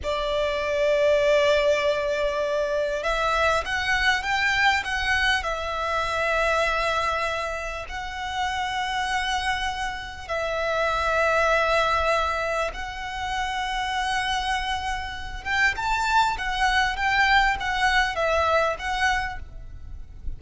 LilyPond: \new Staff \with { instrumentName = "violin" } { \time 4/4 \tempo 4 = 99 d''1~ | d''4 e''4 fis''4 g''4 | fis''4 e''2.~ | e''4 fis''2.~ |
fis''4 e''2.~ | e''4 fis''2.~ | fis''4. g''8 a''4 fis''4 | g''4 fis''4 e''4 fis''4 | }